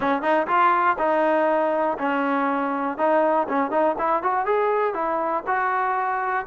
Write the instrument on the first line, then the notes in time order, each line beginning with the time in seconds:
trombone
0.00 C#4
0.22 D#4
0.47 F4
0.98 D#4
1.98 C#4
2.97 D#4
3.48 C#4
3.70 D#4
3.98 E4
4.23 F#4
4.45 G#4
4.94 E4
5.47 F#4